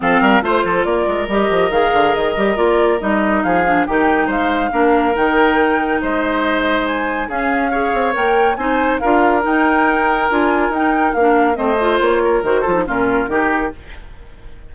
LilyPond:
<<
  \new Staff \with { instrumentName = "flute" } { \time 4/4 \tempo 4 = 140 f''4 c''4 d''4 dis''4 | f''4 dis''4 d''4 dis''4 | f''4 g''4 f''2 | g''2 dis''2 |
gis''4 f''2 g''4 | gis''4 f''4 g''2 | gis''4 g''4 f''4 dis''4 | cis''4 c''4 ais'2 | }
  \new Staff \with { instrumentName = "oboe" } { \time 4/4 a'8 ais'8 c''8 a'8 ais'2~ | ais'1 | gis'4 g'4 c''4 ais'4~ | ais'2 c''2~ |
c''4 gis'4 cis''2 | c''4 ais'2.~ | ais'2. c''4~ | c''8 ais'4 a'8 f'4 g'4 | }
  \new Staff \with { instrumentName = "clarinet" } { \time 4/4 c'4 f'2 g'4 | gis'4. g'8 f'4 dis'4~ | dis'8 d'8 dis'2 d'4 | dis'1~ |
dis'4 cis'4 gis'4 ais'4 | dis'4 f'4 dis'2 | f'4 dis'4 d'4 c'8 f'8~ | f'4 fis'8 f'16 dis'16 cis'4 dis'4 | }
  \new Staff \with { instrumentName = "bassoon" } { \time 4/4 f8 g8 a8 f8 ais8 gis8 g8 f8 | dis8 d8 dis8 g8 ais4 g4 | f4 dis4 gis4 ais4 | dis2 gis2~ |
gis4 cis'4. c'8 ais4 | c'4 d'4 dis'2 | d'4 dis'4 ais4 a4 | ais4 dis8 f8 ais,4 dis4 | }
>>